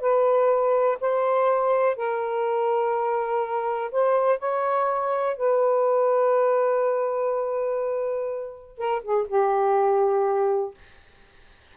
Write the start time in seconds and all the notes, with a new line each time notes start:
0.00 B4
1.01 C5
1.96 A#4
3.91 C5
4.39 C#5
5.37 B4
8.78 A#4
9.02 G#4
9.28 G4